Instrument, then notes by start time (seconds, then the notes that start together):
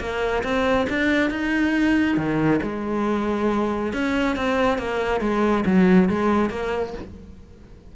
cello
0.00 A#3
0.44 C4
0.90 D4
1.30 D#4
2.17 D#3
2.63 G#3
3.93 C#4
4.36 C4
4.79 A#3
5.21 G#3
5.66 F#3
6.09 G#3
6.50 A#3